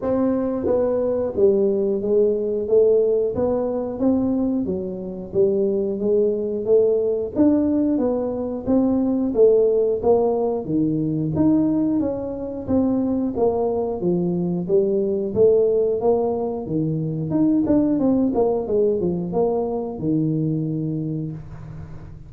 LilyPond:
\new Staff \with { instrumentName = "tuba" } { \time 4/4 \tempo 4 = 90 c'4 b4 g4 gis4 | a4 b4 c'4 fis4 | g4 gis4 a4 d'4 | b4 c'4 a4 ais4 |
dis4 dis'4 cis'4 c'4 | ais4 f4 g4 a4 | ais4 dis4 dis'8 d'8 c'8 ais8 | gis8 f8 ais4 dis2 | }